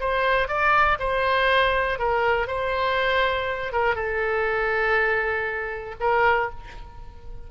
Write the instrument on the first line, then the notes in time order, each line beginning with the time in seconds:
oboe
0.00 C5
0.48 D5
0.99 C5
1.99 A#4
2.48 C5
3.72 A#4
3.96 A4
6.00 A#4